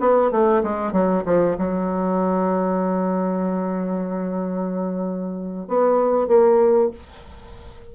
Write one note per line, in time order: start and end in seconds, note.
0.00 0.32 B3
0.32 0.63 A3
0.63 0.92 G#3
0.92 1.24 F#3
1.25 1.57 F3
1.58 5.68 F#3
5.68 6.28 B3
6.28 6.91 A#3